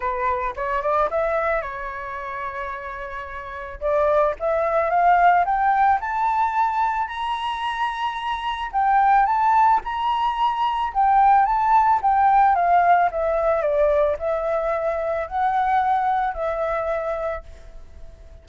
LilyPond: \new Staff \with { instrumentName = "flute" } { \time 4/4 \tempo 4 = 110 b'4 cis''8 d''8 e''4 cis''4~ | cis''2. d''4 | e''4 f''4 g''4 a''4~ | a''4 ais''2. |
g''4 a''4 ais''2 | g''4 a''4 g''4 f''4 | e''4 d''4 e''2 | fis''2 e''2 | }